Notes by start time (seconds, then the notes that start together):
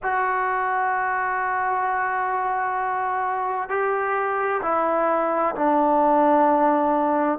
0.03 F#4
3.69 G4
4.62 E4
5.55 D4